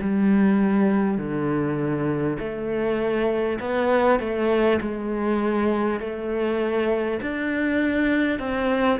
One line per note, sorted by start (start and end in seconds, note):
0.00 1.17 G3
1.17 2.37 D3
2.39 3.59 A3
3.60 4.19 B3
4.19 4.79 A3
4.81 5.99 G#3
5.99 7.19 A3
7.21 8.39 D4
8.39 8.99 C4